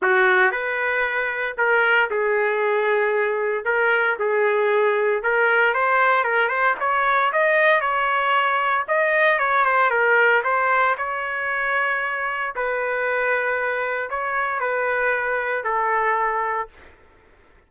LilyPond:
\new Staff \with { instrumentName = "trumpet" } { \time 4/4 \tempo 4 = 115 fis'4 b'2 ais'4 | gis'2. ais'4 | gis'2 ais'4 c''4 | ais'8 c''8 cis''4 dis''4 cis''4~ |
cis''4 dis''4 cis''8 c''8 ais'4 | c''4 cis''2. | b'2. cis''4 | b'2 a'2 | }